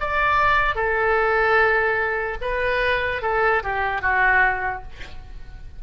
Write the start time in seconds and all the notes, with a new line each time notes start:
0.00 D5
0.76 A4
2.41 B4
3.22 A4
3.63 G4
4.02 F#4